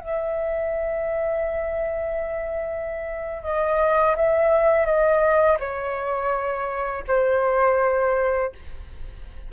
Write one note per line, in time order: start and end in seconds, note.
0.00 3.43 E5
3.43 4.16 D#5
4.16 4.86 E5
4.86 5.58 D#5
5.60 7.04 C#5
7.08 8.52 C5